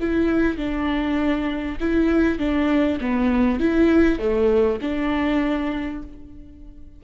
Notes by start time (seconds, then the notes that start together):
0.00 E4
0.57 D4
1.80 E4
2.38 D4
3.00 B3
3.59 E4
4.19 A3
4.81 D4